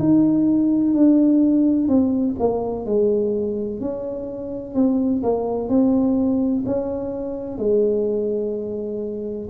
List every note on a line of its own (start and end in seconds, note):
0.00 0.94 D#4
0.94 1.89 D4
1.89 2.36 C4
2.39 2.86 A#3
2.86 3.81 G#3
3.81 4.75 C#4
4.75 5.23 C4
5.23 5.69 A#3
5.69 6.65 C4
6.66 7.58 C#4
7.58 9.49 G#3